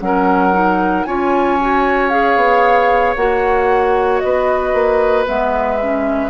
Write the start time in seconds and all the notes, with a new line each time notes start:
0.00 F#3 C#4 A#4 F#5
0.53 D#4
1.04 C#4 F4 C#5 G#5
1.61 F#4
2.09 G#4 F5
2.36 B3
3.16 A#3 F#4 F#5
4.19 B3 B4 D#5
4.73 A#3
5.26 G#3 B3 E5
5.81 C#4